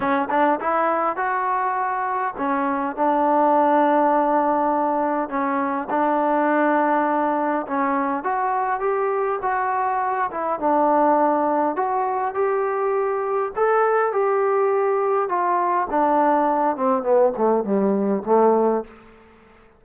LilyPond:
\new Staff \with { instrumentName = "trombone" } { \time 4/4 \tempo 4 = 102 cis'8 d'8 e'4 fis'2 | cis'4 d'2.~ | d'4 cis'4 d'2~ | d'4 cis'4 fis'4 g'4 |
fis'4. e'8 d'2 | fis'4 g'2 a'4 | g'2 f'4 d'4~ | d'8 c'8 b8 a8 g4 a4 | }